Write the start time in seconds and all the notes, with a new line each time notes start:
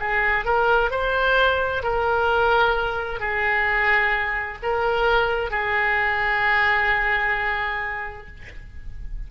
0.00 G#4
0.45 A#4
0.91 C5
1.83 A#4
3.20 G#4
4.63 A#4
5.51 G#4